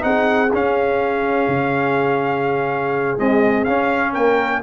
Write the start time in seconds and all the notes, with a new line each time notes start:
0.00 C4 D#4 G#4 F#5
0.53 C#4 F5
1.48 C#3
3.18 G#3 C4 D#5
3.64 C#4 F5
4.12 A#3 A#4 G5